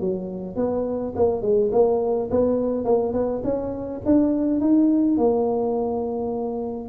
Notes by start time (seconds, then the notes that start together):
0.00 F#3
0.56 B3
1.16 A#3
1.42 G#3
1.72 A#3
2.31 B3
2.85 A#3
3.13 B3
3.44 C#4
4.05 D4
4.60 D#4
5.17 A#3